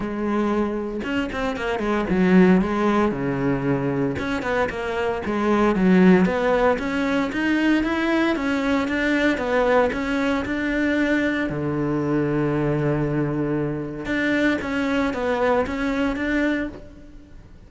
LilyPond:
\new Staff \with { instrumentName = "cello" } { \time 4/4 \tempo 4 = 115 gis2 cis'8 c'8 ais8 gis8 | fis4 gis4 cis2 | cis'8 b8 ais4 gis4 fis4 | b4 cis'4 dis'4 e'4 |
cis'4 d'4 b4 cis'4 | d'2 d2~ | d2. d'4 | cis'4 b4 cis'4 d'4 | }